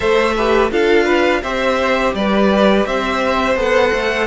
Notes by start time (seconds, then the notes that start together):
0.00 A3 A4 C5 E5
0.35 G4 B4
0.70 D4 F4 A4 F5
1.05 B4
1.42 C4 G4 C5 E5
2.14 G3 B4 D5
2.86 C4 C5 E5
3.56 B3 A4 F#5
3.93 A3